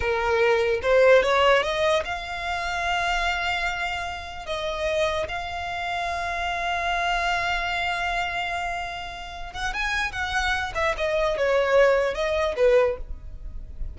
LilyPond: \new Staff \with { instrumentName = "violin" } { \time 4/4 \tempo 4 = 148 ais'2 c''4 cis''4 | dis''4 f''2.~ | f''2. dis''4~ | dis''4 f''2.~ |
f''1~ | f''2.~ f''8 fis''8 | gis''4 fis''4. e''8 dis''4 | cis''2 dis''4 b'4 | }